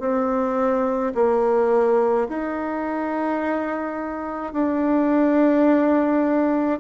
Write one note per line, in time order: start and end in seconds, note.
0.00 1.13 C4
1.15 2.28 A#3
2.28 4.53 D#4
4.53 6.80 D4